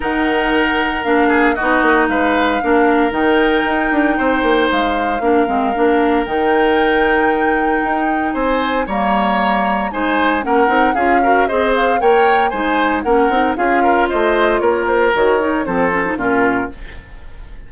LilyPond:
<<
  \new Staff \with { instrumentName = "flute" } { \time 4/4 \tempo 4 = 115 fis''2 f''4 dis''4 | f''2 g''2~ | g''4 f''2. | g''1 |
gis''4 ais''2 gis''4 | fis''4 f''4 dis''8 f''8 g''4 | gis''4 fis''4 f''4 dis''4 | cis''8 c''8 cis''4 c''4 ais'4 | }
  \new Staff \with { instrumentName = "oboe" } { \time 4/4 ais'2~ ais'8 gis'8 fis'4 | b'4 ais'2. | c''2 ais'2~ | ais'1 |
c''4 cis''2 c''4 | ais'4 gis'8 ais'8 c''4 cis''4 | c''4 ais'4 gis'8 ais'8 c''4 | ais'2 a'4 f'4 | }
  \new Staff \with { instrumentName = "clarinet" } { \time 4/4 dis'2 d'4 dis'4~ | dis'4 d'4 dis'2~ | dis'2 d'8 c'8 d'4 | dis'1~ |
dis'4 ais2 dis'4 | cis'8 dis'8 f'8 fis'8 gis'4 ais'4 | dis'4 cis'8 dis'8 f'2~ | f'4 fis'8 dis'8 c'8 cis'16 dis'16 cis'4 | }
  \new Staff \with { instrumentName = "bassoon" } { \time 4/4 dis2 ais4 b8 ais8 | gis4 ais4 dis4 dis'8 d'8 | c'8 ais8 gis4 ais8 gis8 ais4 | dis2. dis'4 |
c'4 g2 gis4 | ais8 c'8 cis'4 c'4 ais4 | gis4 ais8 c'8 cis'4 a4 | ais4 dis4 f4 ais,4 | }
>>